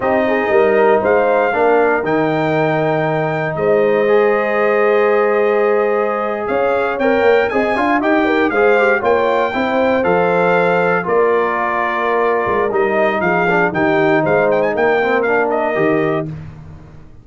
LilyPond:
<<
  \new Staff \with { instrumentName = "trumpet" } { \time 4/4 \tempo 4 = 118 dis''2 f''2 | g''2. dis''4~ | dis''1~ | dis''8. f''4 g''4 gis''4 g''16~ |
g''8. f''4 g''2 f''16~ | f''4.~ f''16 d''2~ d''16~ | d''4 dis''4 f''4 g''4 | f''8 g''16 gis''16 g''4 f''8 dis''4. | }
  \new Staff \with { instrumentName = "horn" } { \time 4/4 g'8 gis'8 ais'4 c''4 ais'4~ | ais'2. c''4~ | c''1~ | c''8. cis''2 dis''8 f''8 dis''16~ |
dis''16 ais'8 c''4 cis''4 c''4~ c''16~ | c''4.~ c''16 ais'2~ ais'16~ | ais'2 gis'4 g'4 | c''4 ais'2. | }
  \new Staff \with { instrumentName = "trombone" } { \time 4/4 dis'2. d'4 | dis'1 | gis'1~ | gis'4.~ gis'16 ais'4 gis'8 f'8 g'16~ |
g'8. gis'8 g'8 f'4 e'4 a'16~ | a'4.~ a'16 f'2~ f'16~ | f'4 dis'4. d'8 dis'4~ | dis'4. c'8 d'4 g'4 | }
  \new Staff \with { instrumentName = "tuba" } { \time 4/4 c'4 g4 gis4 ais4 | dis2. gis4~ | gis1~ | gis8. cis'4 c'8 ais8 c'8 d'8 dis'16~ |
dis'8. gis4 ais4 c'4 f16~ | f4.~ f16 ais2~ ais16~ | ais8 gis8 g4 f4 dis4 | gis4 ais2 dis4 | }
>>